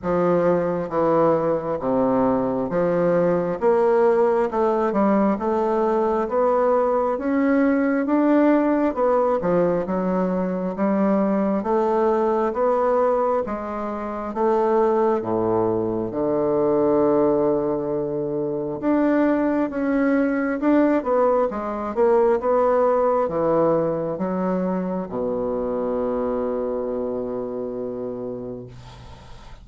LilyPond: \new Staff \with { instrumentName = "bassoon" } { \time 4/4 \tempo 4 = 67 f4 e4 c4 f4 | ais4 a8 g8 a4 b4 | cis'4 d'4 b8 f8 fis4 | g4 a4 b4 gis4 |
a4 a,4 d2~ | d4 d'4 cis'4 d'8 b8 | gis8 ais8 b4 e4 fis4 | b,1 | }